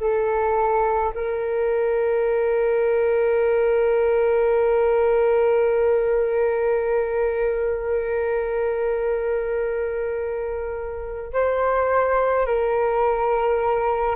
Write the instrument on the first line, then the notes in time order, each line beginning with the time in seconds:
flute
0.00 A4
1.14 A#4
11.33 C5
12.46 A#4